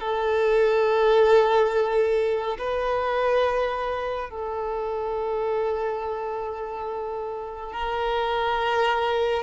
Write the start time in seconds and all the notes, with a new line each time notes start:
0.00 A4
2.59 B4
4.30 A4
7.73 A#4